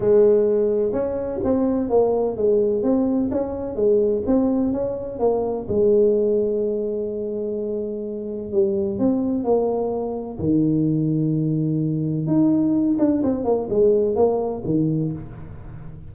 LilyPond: \new Staff \with { instrumentName = "tuba" } { \time 4/4 \tempo 4 = 127 gis2 cis'4 c'4 | ais4 gis4 c'4 cis'4 | gis4 c'4 cis'4 ais4 | gis1~ |
gis2 g4 c'4 | ais2 dis2~ | dis2 dis'4. d'8 | c'8 ais8 gis4 ais4 dis4 | }